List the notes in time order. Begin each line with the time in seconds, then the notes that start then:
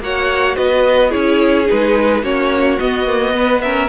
0.00 A#3 F#4 C#5 F#5
0.56 B3 B4 D#5
1.10 C#4 E4 G#4 C#5
1.66 G#3 D#4 B4
2.22 A#3 C#4 F#4 C#5
2.79 B3 D#5
3.07 A#3
3.31 B3 B4
3.61 C#4 A#4 E5